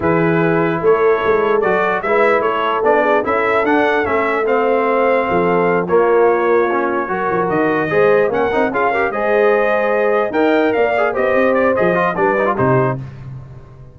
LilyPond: <<
  \new Staff \with { instrumentName = "trumpet" } { \time 4/4 \tempo 4 = 148 b'2 cis''2 | d''4 e''4 cis''4 d''4 | e''4 fis''4 e''4 f''4~ | f''2~ f''8 cis''4.~ |
cis''2~ cis''8 dis''4.~ | dis''8 fis''4 f''4 dis''4.~ | dis''4. g''4 f''4 dis''8~ | dis''8 d''8 dis''4 d''4 c''4 | }
  \new Staff \with { instrumentName = "horn" } { \time 4/4 gis'2 a'2~ | a'4 b'4 a'4. gis'8 | a'2. c''4~ | c''4 a'4. f'4.~ |
f'4. ais'2 c''8~ | c''8 ais'4 gis'8 ais'8 c''4.~ | c''4. dis''4 d''4 c''8~ | c''2 b'4 g'4 | }
  \new Staff \with { instrumentName = "trombone" } { \time 4/4 e'1 | fis'4 e'2 d'4 | e'4 d'4 cis'4 c'4~ | c'2~ c'8 ais4.~ |
ais8 cis'4 fis'2 gis'8~ | gis'8 cis'8 dis'8 f'8 g'8 gis'4.~ | gis'4. ais'4. gis'8 g'8~ | g'4 gis'8 f'8 d'8 dis'16 f'16 dis'4 | }
  \new Staff \with { instrumentName = "tuba" } { \time 4/4 e2 a4 gis4 | fis4 gis4 a4 b4 | cis'4 d'4 a2~ | a4 f4. ais4.~ |
ais4. fis8 f8 dis4 gis8~ | gis8 ais8 c'8 cis'4 gis4.~ | gis4. dis'4 ais4 b8 | c'4 f4 g4 c4 | }
>>